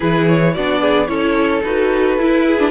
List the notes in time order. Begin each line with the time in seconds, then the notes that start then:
0.00 E3 E4 G#4 B4
0.27 C#5
0.53 B3 D4 F#4 D5
0.80 G#4
1.07 C#4 E4 A4 C#5
1.63 D#4 F#4 B4
2.18 E4
2.46 G#4
2.58 D4